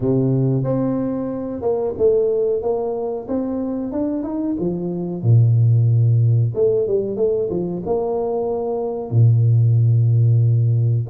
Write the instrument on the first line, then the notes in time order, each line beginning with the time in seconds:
tuba
0.00 C3
0.63 C4
1.61 A#3
1.97 A3
2.61 A#3
3.28 C4
3.92 D4
4.23 D#4
4.59 F3
5.22 A#2
6.54 A3
6.87 G3
7.16 A3
7.50 F3
7.85 A#3
9.10 A#2